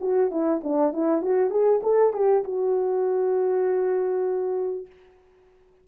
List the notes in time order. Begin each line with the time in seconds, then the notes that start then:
0.00 F#4
0.31 E4
0.63 D4
0.93 E4
1.22 F#4
1.50 G#4
1.82 A4
2.13 G4
2.44 F#4